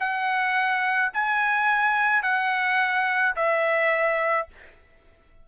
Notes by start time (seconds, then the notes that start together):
0.00 F#5
1.14 G#5
2.23 F#5
3.36 E5